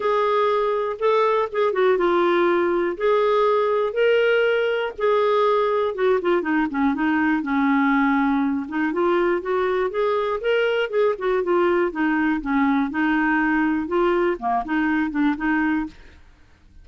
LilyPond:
\new Staff \with { instrumentName = "clarinet" } { \time 4/4 \tempo 4 = 121 gis'2 a'4 gis'8 fis'8 | f'2 gis'2 | ais'2 gis'2 | fis'8 f'8 dis'8 cis'8 dis'4 cis'4~ |
cis'4. dis'8 f'4 fis'4 | gis'4 ais'4 gis'8 fis'8 f'4 | dis'4 cis'4 dis'2 | f'4 ais8 dis'4 d'8 dis'4 | }